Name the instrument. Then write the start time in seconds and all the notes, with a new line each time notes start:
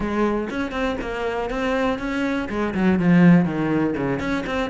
cello
0.00 G#3
0.50 C#4
0.71 C4
1.01 A#3
1.50 C4
1.99 C#4
2.49 G#3
2.74 F#3
2.99 F3
3.45 D#3
3.96 C#3
4.19 C#4
4.46 C4